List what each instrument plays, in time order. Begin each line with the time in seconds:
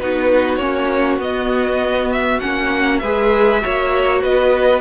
0.00 cello B3, viola D#4, violin F#4 B4
0.57 cello A#3, viola C#4, violin C#5
1.19 cello B3, viola B3, violin D#5
2.12 violin E5
2.40 cello A#3, viola C#4, violin F#5
2.99 cello G#3, viola G#4, violin B4 E5
3.62 cello A#3, viola F#4, violin C#5
4.23 cello B3, violin B4 D#5